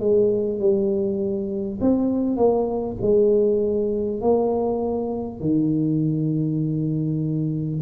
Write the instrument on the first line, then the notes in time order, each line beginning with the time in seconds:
tuba
0.00 G#3
0.59 G3
1.81 C4
2.37 A#3
3.02 G#3
4.21 A#3
5.41 D#3